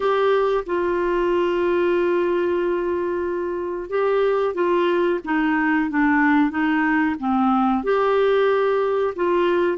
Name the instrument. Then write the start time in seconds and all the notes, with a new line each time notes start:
clarinet
0.00 G4
0.66 F4
3.89 G4
4.54 F4
5.24 D#4
5.90 D4
6.50 D#4
7.19 C4
7.83 G4
9.15 F4